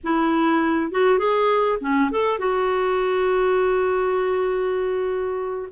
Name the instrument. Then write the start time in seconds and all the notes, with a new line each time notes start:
clarinet
0.03 E4
0.91 F#4
1.18 G#4
1.81 C#4
2.11 A4
2.38 F#4